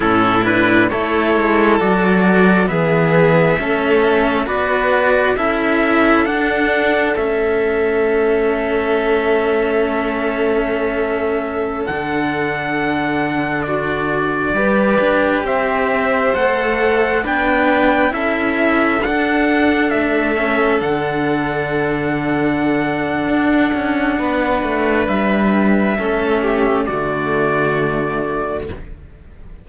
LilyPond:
<<
  \new Staff \with { instrumentName = "trumpet" } { \time 4/4 \tempo 4 = 67 a'8 b'8 cis''4 d''4 e''4~ | e''4 d''4 e''4 fis''4 | e''1~ | e''4~ e''16 fis''2 d''8.~ |
d''4~ d''16 e''4 fis''4 g''8.~ | g''16 e''4 fis''4 e''4 fis''8.~ | fis''1 | e''2 d''2 | }
  \new Staff \with { instrumentName = "violin" } { \time 4/4 e'4 a'2 gis'4 | a'4 b'4 a'2~ | a'1~ | a'2.~ a'16 fis'8.~ |
fis'16 b'4 c''2 b'8.~ | b'16 a'2.~ a'8.~ | a'2. b'4~ | b'4 a'8 g'8 fis'2 | }
  \new Staff \with { instrumentName = "cello" } { \time 4/4 cis'8 d'8 e'4 fis'4 b4 | cis'4 fis'4 e'4 d'4 | cis'1~ | cis'4~ cis'16 d'2~ d'8.~ |
d'16 g'2 a'4 d'8.~ | d'16 e'4 d'4. cis'8 d'8.~ | d'1~ | d'4 cis'4 a2 | }
  \new Staff \with { instrumentName = "cello" } { \time 4/4 a,4 a8 gis8 fis4 e4 | a4 b4 cis'4 d'4 | a1~ | a4~ a16 d2~ d8.~ |
d16 g8 d'8 c'4 a4 b8.~ | b16 cis'4 d'4 a4 d8.~ | d2 d'8 cis'8 b8 a8 | g4 a4 d2 | }
>>